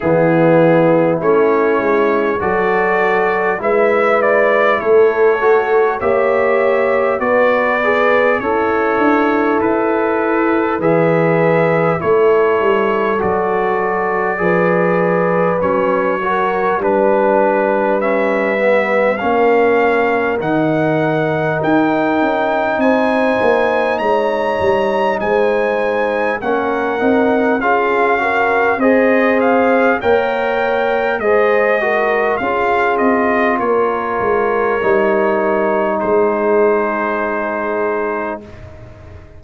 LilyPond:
<<
  \new Staff \with { instrumentName = "trumpet" } { \time 4/4 \tempo 4 = 50 gis'4 cis''4 d''4 e''8 d''8 | cis''4 e''4 d''4 cis''4 | b'4 e''4 cis''4 d''4~ | d''4 cis''4 b'4 e''4 |
f''4 fis''4 g''4 gis''4 | ais''4 gis''4 fis''4 f''4 | dis''8 f''8 g''4 dis''4 f''8 dis''8 | cis''2 c''2 | }
  \new Staff \with { instrumentName = "horn" } { \time 4/4 e'2 a'4 b'4 | a'4 cis''4 b'4 e'4~ | e'4 b'4 a'2 | b'4. ais'8 b'2 |
ais'2. c''4 | cis''4 c''4 ais'4 gis'8 ais'8 | c''4 cis''4 c''8 ais'8 gis'4 | ais'2 gis'2 | }
  \new Staff \with { instrumentName = "trombone" } { \time 4/4 b4 cis'4 fis'4 e'4~ | e'8 fis'8 g'4 fis'8 gis'8 a'4~ | a'4 gis'4 e'4 fis'4 | gis'4 cis'8 fis'8 d'4 cis'8 b8 |
cis'4 dis'2.~ | dis'2 cis'8 dis'8 f'8 fis'8 | gis'4 ais'4 gis'8 fis'8 f'4~ | f'4 dis'2. | }
  \new Staff \with { instrumentName = "tuba" } { \time 4/4 e4 a8 gis8 fis4 gis4 | a4 ais4 b4 cis'8 d'8 | e'4 e4 a8 g8 fis4 | f4 fis4 g2 |
ais4 dis4 dis'8 cis'8 c'8 ais8 | gis8 g8 gis4 ais8 c'8 cis'4 | c'4 ais4 gis4 cis'8 c'8 | ais8 gis8 g4 gis2 | }
>>